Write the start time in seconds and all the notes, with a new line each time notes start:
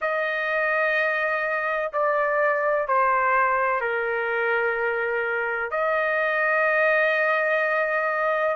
0.01 D#5
1.93 D5
2.87 C5
3.81 A#4
5.71 D#5